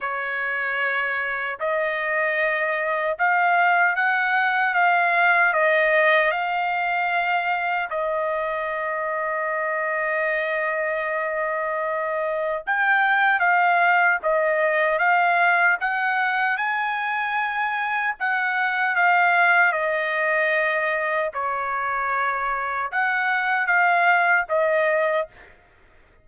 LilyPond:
\new Staff \with { instrumentName = "trumpet" } { \time 4/4 \tempo 4 = 76 cis''2 dis''2 | f''4 fis''4 f''4 dis''4 | f''2 dis''2~ | dis''1 |
g''4 f''4 dis''4 f''4 | fis''4 gis''2 fis''4 | f''4 dis''2 cis''4~ | cis''4 fis''4 f''4 dis''4 | }